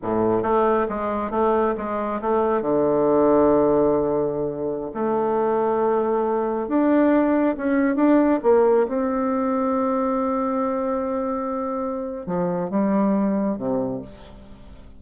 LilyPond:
\new Staff \with { instrumentName = "bassoon" } { \time 4/4 \tempo 4 = 137 a,4 a4 gis4 a4 | gis4 a4 d2~ | d2.~ d16 a8.~ | a2.~ a16 d'8.~ |
d'4~ d'16 cis'4 d'4 ais8.~ | ais16 c'2.~ c'8.~ | c'1 | f4 g2 c4 | }